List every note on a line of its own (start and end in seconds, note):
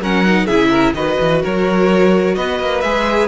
0.00 0.47 F#3
0.00 0.25 C#4
0.00 0.46 A#4
0.00 0.46 F#5
0.25 0.49 D#4
0.46 0.94 C#3
0.46 0.95 E4
0.46 0.69 G#4
0.46 0.93 E5
0.70 0.93 A#4
0.94 1.18 D#3
0.94 2.82 F#4
0.94 1.42 B4
0.94 1.41 D#5
1.21 1.44 E3
1.42 2.37 F#3
1.42 2.36 A#4
1.42 2.35 C#5
2.35 2.60 B3
2.35 3.28 B4
2.35 2.81 D#5
2.60 2.83 A#3
2.81 3.28 G#3
2.81 3.28 G#4
2.81 3.28 E5